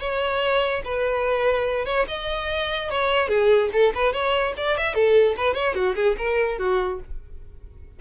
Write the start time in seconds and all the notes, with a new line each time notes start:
0.00 C#5
0.85 B4
1.86 C#5
2.08 D#5
2.90 C#5
3.29 G#4
3.73 A4
3.95 B4
4.13 C#5
4.57 D5
4.78 E5
4.95 A4
5.37 B4
5.55 C#5
5.75 F#4
5.96 G#4
6.18 A#4
6.59 F#4